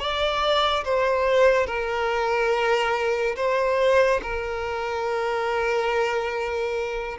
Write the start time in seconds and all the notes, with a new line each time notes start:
0.00 D5
0.85 C5
1.67 A#4
3.36 C5
4.23 A#4